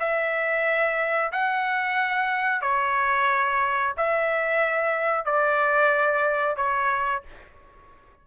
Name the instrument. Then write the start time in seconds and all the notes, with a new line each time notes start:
trumpet
0.00 E5
1.32 F#5
2.62 C#5
3.97 E5
5.25 D5
6.57 C#5